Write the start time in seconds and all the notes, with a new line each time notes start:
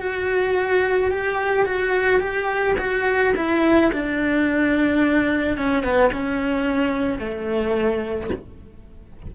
0.00 F#4
1.11 G4
1.65 F#4
2.20 G4
2.78 F#4
3.36 E4
3.92 D4
5.57 C#4
5.83 B3
6.12 C#4
7.19 A3